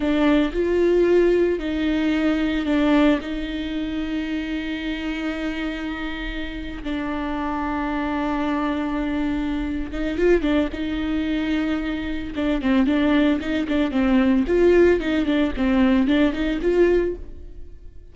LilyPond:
\new Staff \with { instrumentName = "viola" } { \time 4/4 \tempo 4 = 112 d'4 f'2 dis'4~ | dis'4 d'4 dis'2~ | dis'1~ | dis'8. d'2.~ d'16~ |
d'2~ d'8 dis'8 f'8 d'8 | dis'2. d'8 c'8 | d'4 dis'8 d'8 c'4 f'4 | dis'8 d'8 c'4 d'8 dis'8 f'4 | }